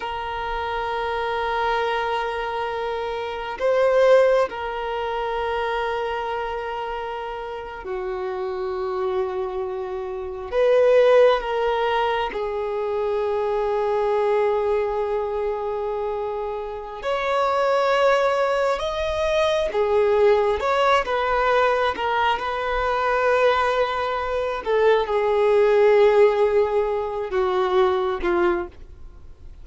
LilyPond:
\new Staff \with { instrumentName = "violin" } { \time 4/4 \tempo 4 = 67 ais'1 | c''4 ais'2.~ | ais'8. fis'2. b'16~ | b'8. ais'4 gis'2~ gis'16~ |
gis'2. cis''4~ | cis''4 dis''4 gis'4 cis''8 b'8~ | b'8 ais'8 b'2~ b'8 a'8 | gis'2~ gis'8 fis'4 f'8 | }